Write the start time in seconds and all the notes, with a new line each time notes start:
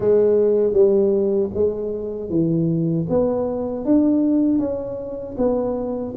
0.00 G#3
0.73 G3
1.53 G#3
2.29 E3
3.09 B3
3.85 D4
4.58 C#4
5.37 B3